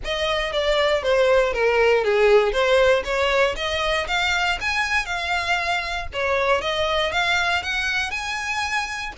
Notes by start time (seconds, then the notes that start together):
0.04 D#5
0.52 D5
1.02 C5
1.53 A#4
2.03 G#4
2.52 C5
3.04 C#5
3.55 D#5
4.07 F5
4.60 G#5
5.05 F5
6.13 C#5
6.61 D#5
7.12 F5
7.62 F#5
8.11 G#5